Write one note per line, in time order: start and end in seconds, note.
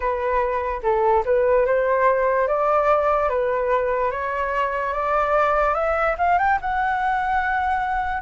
0.00 0.81 B4
0.82 1.23 A4
1.25 1.66 B4
1.66 2.47 C5
2.47 3.29 D5
3.29 4.11 B4
4.11 4.93 C#5
4.93 5.74 D5
5.74 6.15 E5
6.18 6.38 F5
6.38 6.59 G5
6.61 8.21 F#5